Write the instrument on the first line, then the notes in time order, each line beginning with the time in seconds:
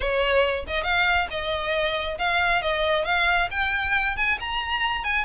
violin
0.00 C#5
0.67 D#5
0.83 F5
1.30 D#5
2.18 F5
2.62 D#5
3.05 F5
3.50 G5
4.16 G#5
4.40 A#5
5.03 G#5